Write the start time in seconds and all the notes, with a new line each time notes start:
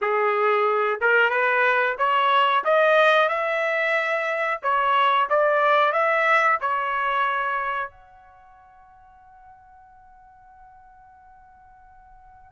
0.01 G#4
1.00 A#4
1.29 B4
1.98 C#5
2.64 D#5
3.28 E5
4.62 C#5
5.29 D5
5.92 E5
6.61 C#5
7.90 F#5